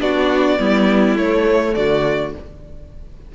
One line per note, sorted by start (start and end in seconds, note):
0.00 0.58 B3
0.00 0.58 D4
0.00 0.60 F#4
0.00 1.17 D5
0.59 1.15 G3
0.59 1.18 B3
0.59 1.76 E4
1.15 1.74 A3
1.15 2.35 A3
1.15 1.75 C#5
1.75 2.35 D3
1.75 2.35 F#4
1.75 2.33 D5